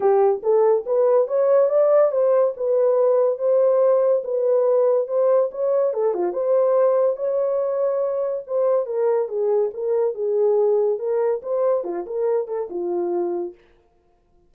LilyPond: \new Staff \with { instrumentName = "horn" } { \time 4/4 \tempo 4 = 142 g'4 a'4 b'4 cis''4 | d''4 c''4 b'2 | c''2 b'2 | c''4 cis''4 a'8 f'8 c''4~ |
c''4 cis''2. | c''4 ais'4 gis'4 ais'4 | gis'2 ais'4 c''4 | f'8 ais'4 a'8 f'2 | }